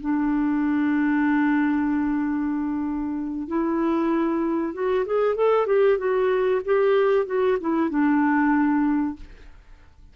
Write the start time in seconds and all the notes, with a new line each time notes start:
0.00 D4
3.47 E4
4.73 F#4
5.06 G#4
5.35 A4
5.66 G4
5.98 F#4
6.65 G4
7.26 F#4
7.60 E4
7.89 D4